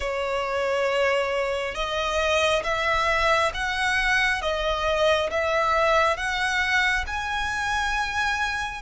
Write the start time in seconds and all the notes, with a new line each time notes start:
0.00 C#5
1.74 D#5
2.63 E5
3.53 F#5
4.41 D#5
5.30 E5
6.16 F#5
7.06 G#5